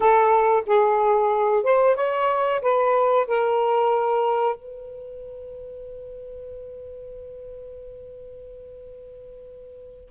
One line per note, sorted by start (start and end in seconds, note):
0.00 0.63 A4
0.66 1.63 G#4
1.63 1.95 C5
1.95 2.60 C#5
2.61 3.26 B4
3.27 4.55 A#4
4.55 10.10 B4